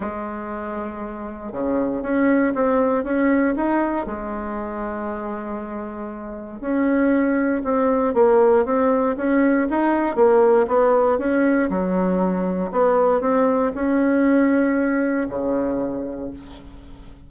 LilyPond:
\new Staff \with { instrumentName = "bassoon" } { \time 4/4 \tempo 4 = 118 gis2. cis4 | cis'4 c'4 cis'4 dis'4 | gis1~ | gis4 cis'2 c'4 |
ais4 c'4 cis'4 dis'4 | ais4 b4 cis'4 fis4~ | fis4 b4 c'4 cis'4~ | cis'2 cis2 | }